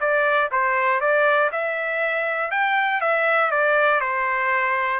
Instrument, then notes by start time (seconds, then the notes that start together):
trumpet
0.00 D5
0.51 C5
1.00 D5
1.52 E5
2.50 G5
3.00 E5
3.51 D5
4.00 C5